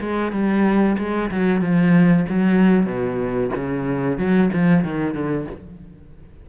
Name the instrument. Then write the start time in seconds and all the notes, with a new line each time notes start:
cello
0.00 G#3
0.32 G3
0.98 G#3
1.30 F#3
1.61 F3
2.28 F#3
2.86 B2
3.55 C#3
4.18 F#3
4.52 F3
4.84 D#3
5.14 D3